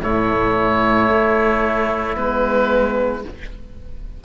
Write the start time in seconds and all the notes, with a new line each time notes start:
0.00 A2 A3 E4 C#5
1.10 A3
2.17 G#3 B3 B4